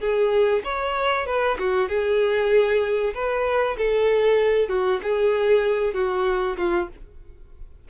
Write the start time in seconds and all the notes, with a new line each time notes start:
0.00 G#4
0.64 C#5
1.26 B4
1.59 F#4
1.89 G#4
3.14 B4
3.78 A4
4.69 F#4
5.03 G#4
5.94 F#4
6.57 F4